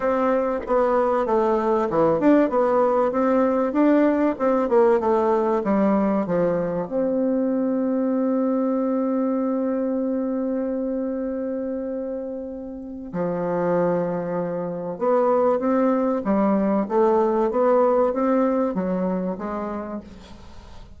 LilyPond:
\new Staff \with { instrumentName = "bassoon" } { \time 4/4 \tempo 4 = 96 c'4 b4 a4 e8 d'8 | b4 c'4 d'4 c'8 ais8 | a4 g4 f4 c'4~ | c'1~ |
c'1~ | c'4 f2. | b4 c'4 g4 a4 | b4 c'4 fis4 gis4 | }